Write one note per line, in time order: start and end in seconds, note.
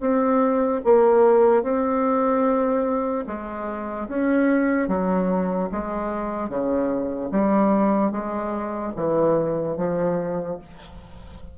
0.00 0.81 C4
0.84 1.63 A#3
1.63 3.25 C4
3.27 4.08 G#3
4.08 4.88 C#4
4.88 5.69 F#3
5.71 6.49 G#3
6.49 7.30 C#3
7.31 8.12 G3
8.12 8.93 G#3
8.96 9.77 E3
9.77 10.58 F3